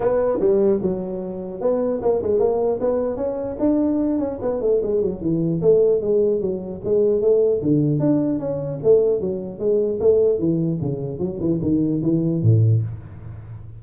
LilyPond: \new Staff \with { instrumentName = "tuba" } { \time 4/4 \tempo 4 = 150 b4 g4 fis2 | b4 ais8 gis8 ais4 b4 | cis'4 d'4. cis'8 b8 a8 | gis8 fis8 e4 a4 gis4 |
fis4 gis4 a4 d4 | d'4 cis'4 a4 fis4 | gis4 a4 e4 cis4 | fis8 e8 dis4 e4 a,4 | }